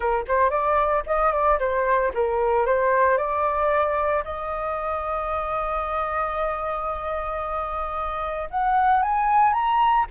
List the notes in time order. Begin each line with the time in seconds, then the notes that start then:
0.00 A#4
0.27 C5
0.49 D5
1.06 D#5
1.32 D5
1.59 C5
2.14 A#4
2.66 C5
3.17 D5
4.24 D#5
8.50 F#5
9.02 G#5
9.53 A#5